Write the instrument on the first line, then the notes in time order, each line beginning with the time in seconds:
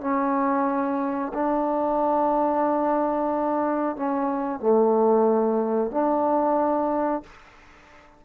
trombone
0.00 C#4
1.33 D4
3.96 C#4
4.59 A3
5.91 D4